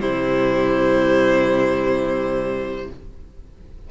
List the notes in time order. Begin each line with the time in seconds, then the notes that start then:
0.00 C3 G3 E4 C5